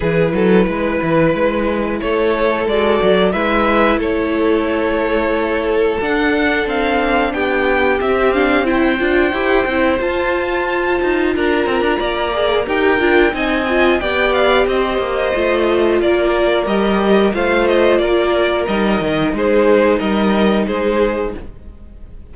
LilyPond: <<
  \new Staff \with { instrumentName = "violin" } { \time 4/4 \tempo 4 = 90 b'2. cis''4 | d''4 e''4 cis''2~ | cis''4 fis''4 f''4 g''4 | e''8 f''8 g''2 a''4~ |
a''4 ais''2 g''4 | gis''4 g''8 f''8 dis''2 | d''4 dis''4 f''8 dis''8 d''4 | dis''4 c''4 dis''4 c''4 | }
  \new Staff \with { instrumentName = "violin" } { \time 4/4 gis'8 a'8 b'2 a'4~ | a'4 b'4 a'2~ | a'2. g'4~ | g'4 c''2.~ |
c''4 ais'4 d''4 ais'4 | dis''4 d''4 c''2 | ais'2 c''4 ais'4~ | ais'4 gis'4 ais'4 gis'4 | }
  \new Staff \with { instrumentName = "viola" } { \time 4/4 e'1 | fis'4 e'2.~ | e'4 d'2. | c'8 d'8 e'8 f'8 g'8 e'8 f'4~ |
f'2~ f'8 gis'8 g'8 f'8 | dis'8 f'8 g'2 f'4~ | f'4 g'4 f'2 | dis'1 | }
  \new Staff \with { instrumentName = "cello" } { \time 4/4 e8 fis8 gis8 e8 gis4 a4 | gis8 fis8 gis4 a2~ | a4 d'4 c'4 b4 | c'4. d'8 e'8 c'8 f'4~ |
f'8 dis'8 d'8 c'16 d'16 ais4 dis'8 d'8 | c'4 b4 c'8 ais8 a4 | ais4 g4 a4 ais4 | g8 dis8 gis4 g4 gis4 | }
>>